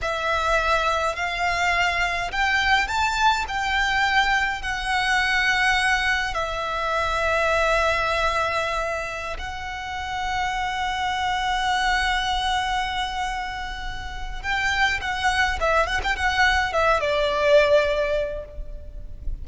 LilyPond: \new Staff \with { instrumentName = "violin" } { \time 4/4 \tempo 4 = 104 e''2 f''2 | g''4 a''4 g''2 | fis''2. e''4~ | e''1~ |
e''16 fis''2.~ fis''8.~ | fis''1~ | fis''4 g''4 fis''4 e''8 fis''16 g''16 | fis''4 e''8 d''2~ d''8 | }